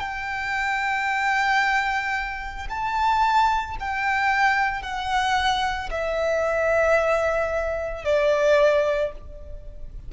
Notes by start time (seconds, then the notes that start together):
0.00 G5
2.70 A5
3.80 G5
4.82 F#5
5.91 E5
8.05 D5